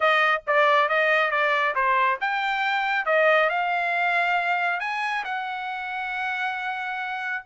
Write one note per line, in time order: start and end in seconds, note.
0.00 0.42 D#5
0.46 0.88 D5
0.88 1.30 D#5
1.30 1.74 D5
1.75 2.18 C5
2.20 3.05 G5
3.05 3.49 D#5
3.49 4.80 F5
4.80 5.23 G#5
5.24 7.43 F#5